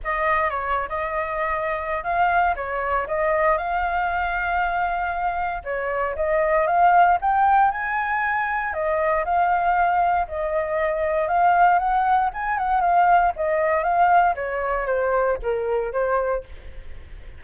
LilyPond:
\new Staff \with { instrumentName = "flute" } { \time 4/4 \tempo 4 = 117 dis''4 cis''8. dis''2~ dis''16 | f''4 cis''4 dis''4 f''4~ | f''2. cis''4 | dis''4 f''4 g''4 gis''4~ |
gis''4 dis''4 f''2 | dis''2 f''4 fis''4 | gis''8 fis''8 f''4 dis''4 f''4 | cis''4 c''4 ais'4 c''4 | }